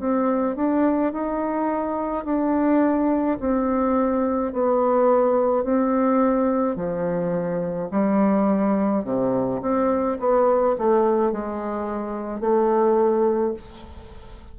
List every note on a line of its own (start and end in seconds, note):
0.00 0.57 C4
0.57 1.13 D4
1.13 2.25 D#4
2.25 3.39 D4
3.40 4.53 C4
4.53 5.64 B3
5.64 6.76 C4
6.76 7.89 F3
7.91 9.05 G3
9.05 9.61 C3
9.62 10.19 C4
10.20 10.77 B3
10.79 11.32 A3
11.32 12.41 G#3
12.41 13.54 A3